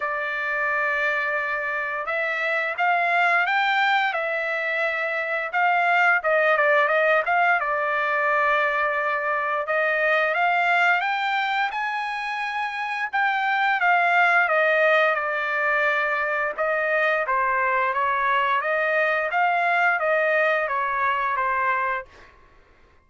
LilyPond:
\new Staff \with { instrumentName = "trumpet" } { \time 4/4 \tempo 4 = 87 d''2. e''4 | f''4 g''4 e''2 | f''4 dis''8 d''8 dis''8 f''8 d''4~ | d''2 dis''4 f''4 |
g''4 gis''2 g''4 | f''4 dis''4 d''2 | dis''4 c''4 cis''4 dis''4 | f''4 dis''4 cis''4 c''4 | }